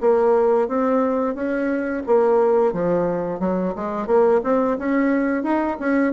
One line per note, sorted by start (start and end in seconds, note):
0.00 0.68 A#3
0.68 1.34 C4
1.34 2.02 C#4
2.06 2.72 A#3
2.72 3.39 F3
3.39 3.73 F#3
3.75 4.07 G#3
4.07 4.41 A#3
4.43 4.77 C4
4.78 5.43 C#4
5.43 5.77 D#4
5.79 6.12 C#4